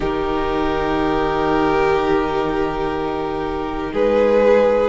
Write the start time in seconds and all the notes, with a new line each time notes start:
0.00 D#3 D#4 G4 A#4
3.92 G#3 G#4 B4